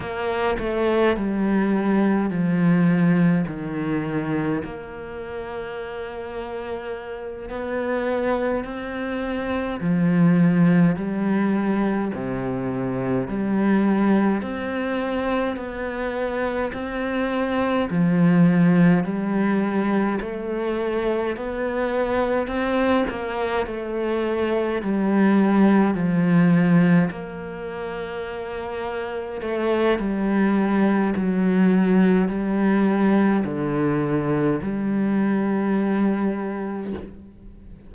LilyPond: \new Staff \with { instrumentName = "cello" } { \time 4/4 \tempo 4 = 52 ais8 a8 g4 f4 dis4 | ais2~ ais8 b4 c'8~ | c'8 f4 g4 c4 g8~ | g8 c'4 b4 c'4 f8~ |
f8 g4 a4 b4 c'8 | ais8 a4 g4 f4 ais8~ | ais4. a8 g4 fis4 | g4 d4 g2 | }